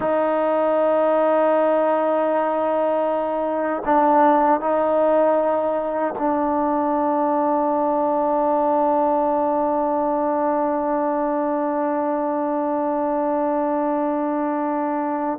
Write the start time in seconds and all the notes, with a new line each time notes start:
0.00 D#4
3.85 D4
4.60 D#4
6.18 D4